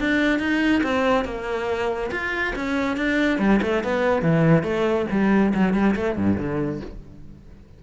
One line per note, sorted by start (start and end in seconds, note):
0.00 0.40 D4
0.40 0.82 D#4
0.84 1.25 C4
1.25 2.11 A#3
2.12 2.54 F4
2.56 2.97 C#4
2.97 3.39 D4
3.39 3.61 G3
3.62 3.84 A3
3.84 4.23 B3
4.23 4.64 E3
4.64 5.06 A3
5.11 5.54 G3
5.55 5.74 F#3
5.74 5.96 G3
5.96 6.17 A3
6.17 6.38 G2
6.38 6.81 D3